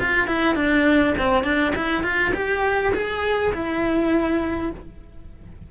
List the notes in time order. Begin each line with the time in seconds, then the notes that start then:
0.00 F4
0.28 E4
0.55 D4
1.18 C4
1.44 D4
1.76 E4
2.03 F4
2.34 G4
2.94 G#4
3.53 E4